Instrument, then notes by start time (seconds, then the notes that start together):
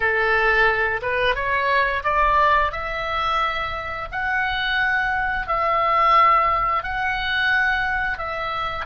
oboe
0.00 A4
1.02 B4
1.35 C#5
2.03 D5
2.72 E5
4.11 F#5
5.47 E5
6.83 F#5
8.18 E5